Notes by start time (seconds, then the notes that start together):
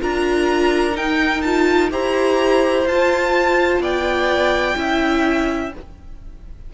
0.00 D4 F4 A#4 A#5
0.92 D#4 G5
1.42 F4 A5
1.91 E4 G4 C5 A#5
2.86 F4 A5
3.80 B3 D5 G5
4.76 C#4 E4 E5